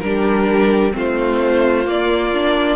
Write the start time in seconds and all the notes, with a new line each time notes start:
0.00 G3 D4 G4 A#4
0.92 A3 C4 F4 C5
1.86 A#3 D5
2.34 D4